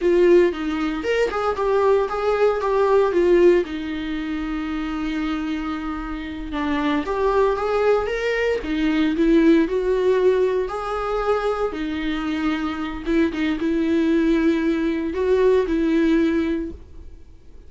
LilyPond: \new Staff \with { instrumentName = "viola" } { \time 4/4 \tempo 4 = 115 f'4 dis'4 ais'8 gis'8 g'4 | gis'4 g'4 f'4 dis'4~ | dis'1~ | dis'8 d'4 g'4 gis'4 ais'8~ |
ais'8 dis'4 e'4 fis'4.~ | fis'8 gis'2 dis'4.~ | dis'4 e'8 dis'8 e'2~ | e'4 fis'4 e'2 | }